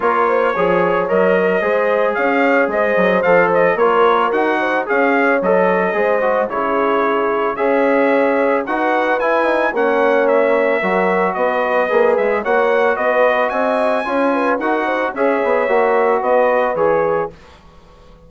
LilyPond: <<
  \new Staff \with { instrumentName = "trumpet" } { \time 4/4 \tempo 4 = 111 cis''2 dis''2 | f''4 dis''4 f''8 dis''8 cis''4 | fis''4 f''4 dis''2 | cis''2 e''2 |
fis''4 gis''4 fis''4 e''4~ | e''4 dis''4. e''8 fis''4 | dis''4 gis''2 fis''4 | e''2 dis''4 cis''4 | }
  \new Staff \with { instrumentName = "horn" } { \time 4/4 ais'8 c''8 cis''2 c''4 | cis''4 c''2 ais'4~ | ais'8 c''8 cis''2 c''4 | gis'2 cis''2 |
b'2 cis''2 | ais'4 b'2 cis''4 | b'4 dis''4 cis''8 b'8 ais'8 c''8 | cis''2 b'2 | }
  \new Staff \with { instrumentName = "trombone" } { \time 4/4 f'4 gis'4 ais'4 gis'4~ | gis'2 a'4 f'4 | fis'4 gis'4 a'4 gis'8 fis'8 | e'2 gis'2 |
fis'4 e'8 dis'8 cis'2 | fis'2 gis'4 fis'4~ | fis'2 f'4 fis'4 | gis'4 fis'2 gis'4 | }
  \new Staff \with { instrumentName = "bassoon" } { \time 4/4 ais4 f4 fis4 gis4 | cis'4 gis8 fis8 f4 ais4 | dis'4 cis'4 fis4 gis4 | cis2 cis'2 |
dis'4 e'4 ais2 | fis4 b4 ais8 gis8 ais4 | b4 c'4 cis'4 dis'4 | cis'8 b8 ais4 b4 e4 | }
>>